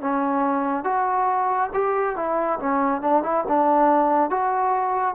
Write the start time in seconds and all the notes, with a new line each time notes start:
0.00 C#4
0.84 F#4
1.73 G4
2.15 E4
2.59 C#4
3.01 D4
3.23 E4
3.48 D4
4.30 F#4